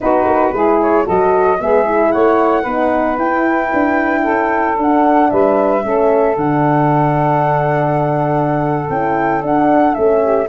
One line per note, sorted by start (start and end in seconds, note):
0.00 0.25 B3
0.00 0.53 D#4
0.00 0.54 F#4
0.00 0.80 B4
0.25 0.51 A#3
0.52 1.05 G#3
0.52 1.05 E4
0.52 1.05 G#4
0.80 1.07 C#5
1.05 1.61 F#3
1.05 1.58 F#4
1.05 1.58 A4
1.05 1.61 D#5
1.60 2.14 G#3
1.60 1.84 B3
1.60 2.12 G#4
1.60 2.11 E5
1.84 2.64 E4
2.11 2.64 A3
2.11 2.62 C#5
2.11 3.17 F#5
2.62 3.17 B3
2.62 3.17 D#4
2.62 4.21 B4
3.17 3.70 E4
3.17 4.77 E4
3.17 4.77 G5
3.73 4.26 D4
4.23 4.77 C#4
4.23 5.29 A4
4.77 5.30 D4
4.77 5.82 D4
4.77 5.30 F#5
5.30 5.85 G3
5.30 5.84 B4
5.30 6.36 E5
5.82 6.36 A3
5.82 6.35 C#4
5.82 10.20 A4
6.36 8.88 D3
6.36 8.90 D4
6.36 8.89 F#5
8.89 9.42 C#4
8.89 9.41 E4
8.89 9.42 G5
9.41 9.94 D4
9.41 9.95 D4
9.41 9.94 F#5
9.94 10.48 A3
9.94 10.47 C#4
9.94 10.47 E5
10.20 10.47 G4